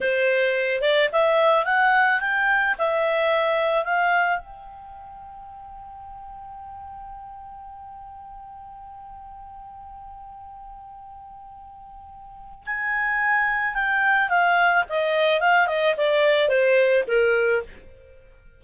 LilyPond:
\new Staff \with { instrumentName = "clarinet" } { \time 4/4 \tempo 4 = 109 c''4. d''8 e''4 fis''4 | g''4 e''2 f''4 | g''1~ | g''1~ |
g''1~ | g''2. gis''4~ | gis''4 g''4 f''4 dis''4 | f''8 dis''8 d''4 c''4 ais'4 | }